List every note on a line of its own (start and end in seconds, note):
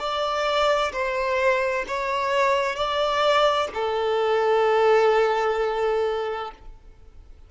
0.00 0.92 D5
0.93 1.85 C5
1.88 2.76 C#5
2.76 3.68 D5
3.74 6.51 A4